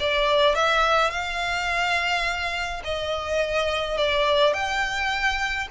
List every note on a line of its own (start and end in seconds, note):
0.00 0.55 D5
0.55 1.11 E5
1.11 2.82 F5
2.84 3.98 D#5
3.98 4.54 D5
4.54 5.68 G5